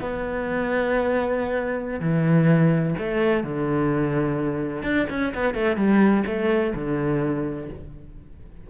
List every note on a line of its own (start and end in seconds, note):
0.00 2.00 B3
2.00 2.94 E3
2.98 3.43 A3
3.43 4.83 D3
4.83 5.06 D4
5.09 5.33 C#4
5.34 5.54 B3
5.54 5.76 A3
5.76 6.23 G3
6.26 6.73 A3
6.75 7.69 D3